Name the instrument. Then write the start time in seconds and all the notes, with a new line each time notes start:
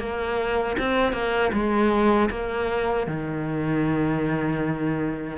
cello
0.00 A#3
0.79 C4
1.13 A#3
1.53 G#3
2.31 A#3
3.08 D#3